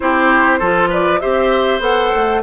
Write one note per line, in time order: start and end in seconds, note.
0.00 0.60 C4
0.00 0.61 E4
0.00 0.59 G4
0.00 0.91 C5
0.59 1.21 F3
0.59 1.20 F4
0.59 0.89 A4
0.89 1.19 B4
0.89 1.20 D5
1.20 1.79 C4
1.20 1.80 G4
1.20 2.42 C5
1.20 1.80 E5
1.79 2.09 B3
1.79 2.41 A4
1.79 2.42 F#5
2.15 2.42 A3